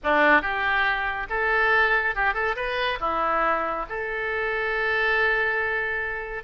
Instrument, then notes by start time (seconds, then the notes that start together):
oboe
0.03 D4
0.41 G4
1.29 A4
2.15 G4
2.34 A4
2.56 B4
3.00 E4
3.89 A4